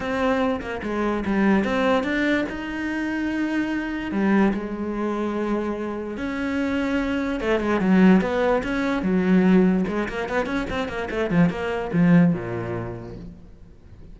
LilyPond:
\new Staff \with { instrumentName = "cello" } { \time 4/4 \tempo 4 = 146 c'4. ais8 gis4 g4 | c'4 d'4 dis'2~ | dis'2 g4 gis4~ | gis2. cis'4~ |
cis'2 a8 gis8 fis4 | b4 cis'4 fis2 | gis8 ais8 b8 cis'8 c'8 ais8 a8 f8 | ais4 f4 ais,2 | }